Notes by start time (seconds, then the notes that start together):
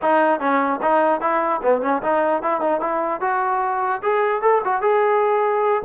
0.02 D#4
0.39 C#4
0.82 D#4
1.20 E4
1.62 B3
1.81 C#4
2.02 D#4
2.42 E4
2.60 D#4
2.80 E4
3.20 F#4
4.02 G#4
4.41 A4
4.64 F#4
4.81 G#4